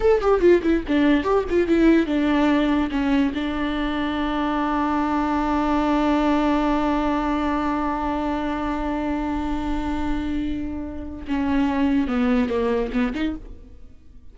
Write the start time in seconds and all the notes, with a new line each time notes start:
0.00 A4
0.21 G4
0.40 F4
0.62 E4
0.87 D4
1.23 G4
1.49 F4
1.67 E4
2.06 D4
2.91 C#4
3.34 D4
11.27 C#4
12.07 B3
12.49 A#3
12.92 B3
13.14 D#4